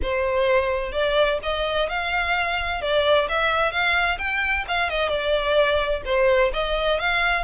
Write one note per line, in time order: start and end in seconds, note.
0.02 0.92 C5
0.92 1.38 D5
1.42 1.89 D#5
1.89 2.81 F5
2.81 3.27 D5
3.29 3.71 E5
3.71 4.18 F5
4.18 4.64 G5
4.68 4.89 F5
4.89 5.08 D#5
5.08 6.01 D5
6.05 6.51 C5
6.53 6.99 D#5
6.99 7.43 F5